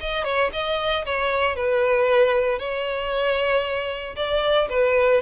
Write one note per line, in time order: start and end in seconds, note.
0.00 0.24 D#5
0.24 0.50 C#5
0.53 1.05 D#5
1.05 1.56 C#5
1.56 2.59 B4
2.59 4.15 C#5
4.16 4.68 D5
4.69 5.21 B4